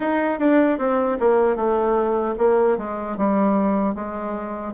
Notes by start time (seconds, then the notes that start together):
0.00 D#4
0.39 D4
0.78 C4
1.19 A#3
1.56 A3
2.38 A#3
2.77 G#3
3.17 G3
3.94 G#3